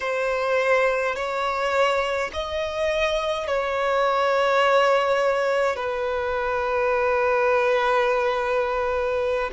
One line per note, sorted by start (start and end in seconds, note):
0.00 1.15 C5
1.15 2.31 C#5
2.33 3.47 D#5
3.47 5.75 C#5
5.75 9.50 B4